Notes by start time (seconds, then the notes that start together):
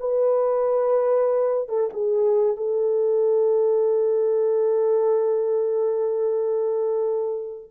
0.00 B4
1.69 A4
1.93 G#4
2.57 A4